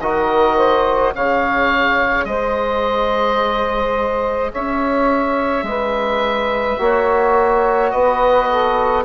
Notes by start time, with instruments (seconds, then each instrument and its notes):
0.00 bassoon D#3, trombone F#4, saxophone A#4, oboe D#5
0.56 saxophone C5
1.14 bassoon C#3, trombone G#4, saxophone C#5, oboe F5
2.24 bassoon G#3, saxophone C5, oboe D#5
4.51 bassoon C#4, saxophone C#5, oboe E5
5.63 bassoon G#3, saxophone B4
6.78 bassoon A#3, trombone F#4, saxophone C#5
7.90 bassoon B3, saxophone B4, oboe D#5
8.49 saxophone A4